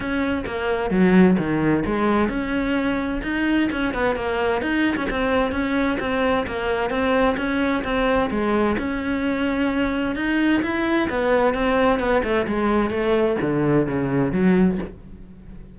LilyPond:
\new Staff \with { instrumentName = "cello" } { \time 4/4 \tempo 4 = 130 cis'4 ais4 fis4 dis4 | gis4 cis'2 dis'4 | cis'8 b8 ais4 dis'8. cis'16 c'4 | cis'4 c'4 ais4 c'4 |
cis'4 c'4 gis4 cis'4~ | cis'2 dis'4 e'4 | b4 c'4 b8 a8 gis4 | a4 d4 cis4 fis4 | }